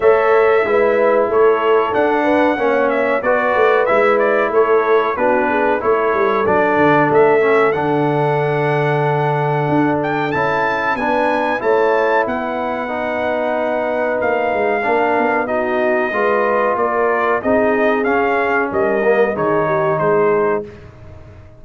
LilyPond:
<<
  \new Staff \with { instrumentName = "trumpet" } { \time 4/4 \tempo 4 = 93 e''2 cis''4 fis''4~ | fis''8 e''8 d''4 e''8 d''8 cis''4 | b'4 cis''4 d''4 e''4 | fis''2.~ fis''8 g''8 |
a''4 gis''4 a''4 fis''4~ | fis''2 f''2 | dis''2 d''4 dis''4 | f''4 dis''4 cis''4 c''4 | }
  \new Staff \with { instrumentName = "horn" } { \time 4/4 cis''4 b'4 a'4. b'8 | cis''4 b'2 a'4 | fis'8 gis'8 a'2.~ | a'1~ |
a'4 b'4 cis''4 b'4~ | b'2. ais'4 | fis'4 b'4 ais'4 gis'4~ | gis'4 ais'4 gis'8 g'8 gis'4 | }
  \new Staff \with { instrumentName = "trombone" } { \time 4/4 a'4 e'2 d'4 | cis'4 fis'4 e'2 | d'4 e'4 d'4. cis'8 | d'1 |
e'4 d'4 e'2 | dis'2. d'4 | dis'4 f'2 dis'4 | cis'4. ais8 dis'2 | }
  \new Staff \with { instrumentName = "tuba" } { \time 4/4 a4 gis4 a4 d'4 | ais4 b8 a8 gis4 a4 | b4 a8 g8 fis8 d8 a4 | d2. d'4 |
cis'4 b4 a4 b4~ | b2 ais8 gis8 ais8 b8~ | b4 gis4 ais4 c'4 | cis'4 g4 dis4 gis4 | }
>>